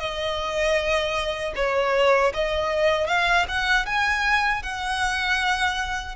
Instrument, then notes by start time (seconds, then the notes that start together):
violin
0.00 D#5
1.56 C#5
2.34 D#5
3.08 F5
3.49 F#5
3.86 G#5
4.63 F#5